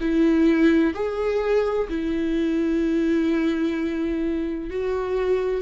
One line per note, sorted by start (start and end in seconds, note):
0.00 0.94 E4
0.94 1.88 G#4
1.89 4.70 E4
4.70 5.62 F#4